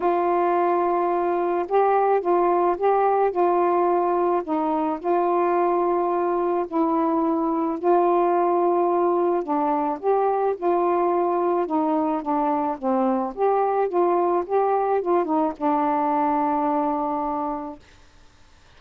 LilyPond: \new Staff \with { instrumentName = "saxophone" } { \time 4/4 \tempo 4 = 108 f'2. g'4 | f'4 g'4 f'2 | dis'4 f'2. | e'2 f'2~ |
f'4 d'4 g'4 f'4~ | f'4 dis'4 d'4 c'4 | g'4 f'4 g'4 f'8 dis'8 | d'1 | }